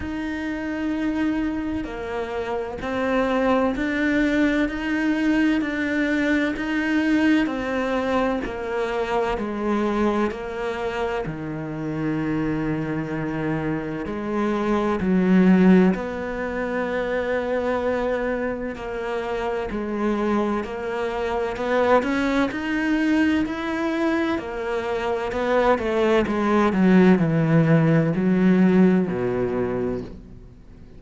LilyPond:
\new Staff \with { instrumentName = "cello" } { \time 4/4 \tempo 4 = 64 dis'2 ais4 c'4 | d'4 dis'4 d'4 dis'4 | c'4 ais4 gis4 ais4 | dis2. gis4 |
fis4 b2. | ais4 gis4 ais4 b8 cis'8 | dis'4 e'4 ais4 b8 a8 | gis8 fis8 e4 fis4 b,4 | }